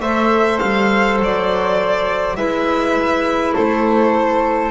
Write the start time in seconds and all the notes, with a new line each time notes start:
0.00 A3 A4 C5 E5
0.59 G3 F5
1.19 F#3 D5
2.36 G#3 E4 B4 E5
3.54 A3 A4 C5